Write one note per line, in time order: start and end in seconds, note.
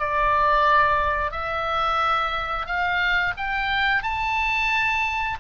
0.00 1.32 D5
1.32 2.67 E5
2.67 3.34 F5
3.38 4.03 G5
4.03 5.38 A5